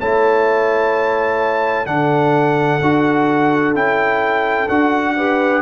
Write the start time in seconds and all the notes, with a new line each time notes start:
0.00 A3 E4 C#5 A5
1.87 D3 D4 A4 F#5
2.81 D4 F#4
3.75 C#4 E4 G5
4.69 D4 F#4 F#5
5.17 G4 B4